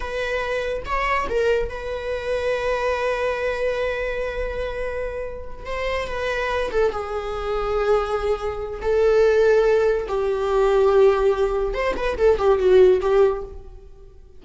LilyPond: \new Staff \with { instrumentName = "viola" } { \time 4/4 \tempo 4 = 143 b'2 cis''4 ais'4 | b'1~ | b'1~ | b'4. c''4 b'4. |
a'8 gis'2.~ gis'8~ | gis'4 a'2. | g'1 | c''8 b'8 a'8 g'8 fis'4 g'4 | }